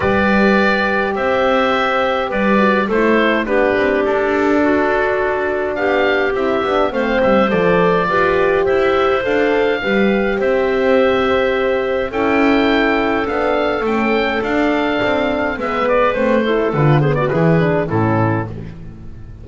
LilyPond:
<<
  \new Staff \with { instrumentName = "oboe" } { \time 4/4 \tempo 4 = 104 d''2 e''2 | d''4 c''4 b'4 a'4~ | a'2 f''4 e''4 | f''8 e''8 d''2 e''4 |
f''2 e''2~ | e''4 g''2 f''4 | g''4 f''2 e''8 d''8 | c''4 b'8 c''16 d''16 b'4 a'4 | }
  \new Staff \with { instrumentName = "clarinet" } { \time 4/4 b'2 c''2 | b'4 a'4 g'2 | fis'2 g'2 | c''2 b'4 c''4~ |
c''4 b'4 c''2~ | c''4 a'2.~ | a'2. b'4~ | b'8 a'4 gis'16 fis'16 gis'4 e'4 | }
  \new Staff \with { instrumentName = "horn" } { \time 4/4 g'1~ | g'8 fis'8 e'4 d'2~ | d'2. e'8 d'8 | c'4 a'4 g'2 |
a'4 g'2.~ | g'4 e'2 d'4 | cis'4 d'2 b4 | c'8 e'8 f'8 b8 e'8 d'8 cis'4 | }
  \new Staff \with { instrumentName = "double bass" } { \time 4/4 g2 c'2 | g4 a4 b8 c'8 d'4~ | d'2 b4 c'8 b8 | a8 g8 f4 f'4 e'4 |
d'4 g4 c'2~ | c'4 cis'2 b4 | a4 d'4 c'4 gis4 | a4 d4 e4 a,4 | }
>>